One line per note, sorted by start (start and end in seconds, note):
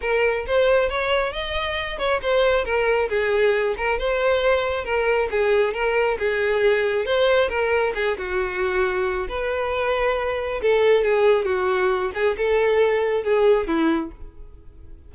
0.01 0.45 A#4
0.47 0.89 C5
0.89 1.32 C#5
1.32 1.98 D#5
1.98 2.20 C#5
2.21 2.64 C5
2.64 3.08 A#4
3.09 3.75 G#4
3.77 3.98 A#4
3.98 4.84 C5
4.84 5.28 A#4
5.30 5.73 G#4
5.73 6.17 A#4
6.18 7.05 G#4
7.05 7.49 C5
7.49 7.93 A#4
7.95 8.17 G#4
8.17 9.27 F#4
9.28 10.61 B4
10.61 11.04 A4
11.04 11.45 G#4
11.45 12.11 F#4
12.14 12.36 G#4
12.37 13.23 A4
13.23 13.67 G#4
13.67 14.11 E4